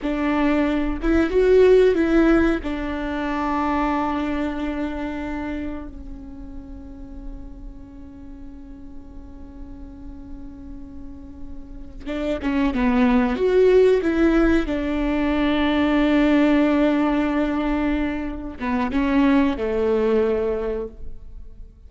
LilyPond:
\new Staff \with { instrumentName = "viola" } { \time 4/4 \tempo 4 = 92 d'4. e'8 fis'4 e'4 | d'1~ | d'4 cis'2.~ | cis'1~ |
cis'2~ cis'8 d'8 cis'8 b8~ | b8 fis'4 e'4 d'4.~ | d'1~ | d'8 b8 cis'4 a2 | }